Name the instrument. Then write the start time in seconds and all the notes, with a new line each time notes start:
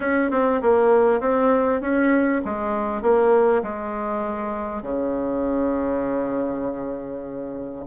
bassoon
0.00 C#4
0.30 C4
0.61 A#3
1.20 C4
1.81 C#4
2.44 G#3
3.01 A#3
3.62 G#3
4.82 C#3